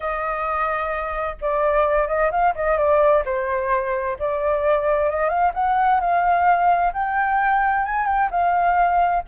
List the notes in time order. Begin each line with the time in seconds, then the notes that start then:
0.00 D#5
1.41 D5
2.07 D#5
2.31 F5
2.55 D#5
2.77 D5
3.25 C5
4.19 D5
5.10 D#5
5.29 F5
5.54 F#5
6.00 F5
6.93 G5
7.85 G#5
8.06 G5
8.30 F5